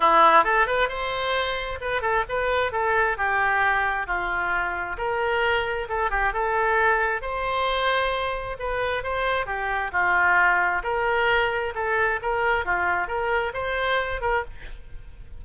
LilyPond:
\new Staff \with { instrumentName = "oboe" } { \time 4/4 \tempo 4 = 133 e'4 a'8 b'8 c''2 | b'8 a'8 b'4 a'4 g'4~ | g'4 f'2 ais'4~ | ais'4 a'8 g'8 a'2 |
c''2. b'4 | c''4 g'4 f'2 | ais'2 a'4 ais'4 | f'4 ais'4 c''4. ais'8 | }